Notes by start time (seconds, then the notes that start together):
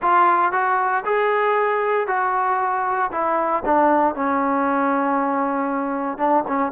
0.01 F4
0.52 F#4
1.05 G#4
2.07 F#4
3.11 E4
3.65 D4
4.14 C#4
6.18 D4
6.47 C#4